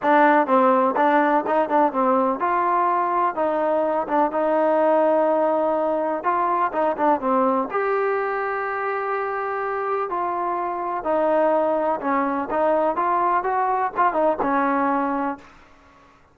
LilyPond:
\new Staff \with { instrumentName = "trombone" } { \time 4/4 \tempo 4 = 125 d'4 c'4 d'4 dis'8 d'8 | c'4 f'2 dis'4~ | dis'8 d'8 dis'2.~ | dis'4 f'4 dis'8 d'8 c'4 |
g'1~ | g'4 f'2 dis'4~ | dis'4 cis'4 dis'4 f'4 | fis'4 f'8 dis'8 cis'2 | }